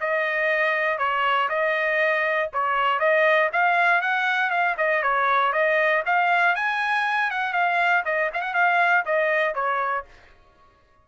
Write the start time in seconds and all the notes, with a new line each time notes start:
0.00 D#5
0.98 C#5
1.49 D#5
2.53 C#5
2.99 D#5
3.52 F5
4.01 F#5
4.50 F5
4.77 D#5
5.02 C#5
5.52 D#5
6.05 F5
6.55 G#5
7.31 F#5
7.53 F5
8.05 D#5
8.33 F5
8.41 F#5
8.53 F5
9.05 D#5
9.54 C#5